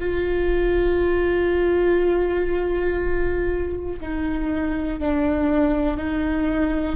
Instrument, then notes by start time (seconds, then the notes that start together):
viola
0.00 F4
4.01 D#4
5.00 D4
5.98 D#4